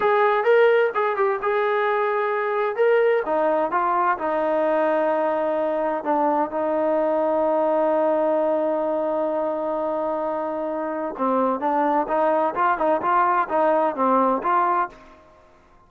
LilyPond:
\new Staff \with { instrumentName = "trombone" } { \time 4/4 \tempo 4 = 129 gis'4 ais'4 gis'8 g'8 gis'4~ | gis'2 ais'4 dis'4 | f'4 dis'2.~ | dis'4 d'4 dis'2~ |
dis'1~ | dis'1 | c'4 d'4 dis'4 f'8 dis'8 | f'4 dis'4 c'4 f'4 | }